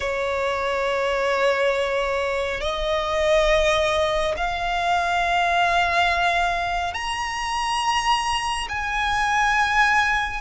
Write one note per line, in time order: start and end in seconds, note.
0.00 2.60 C#5
2.60 4.34 D#5
4.36 6.94 F5
6.94 8.68 A#5
8.68 10.41 G#5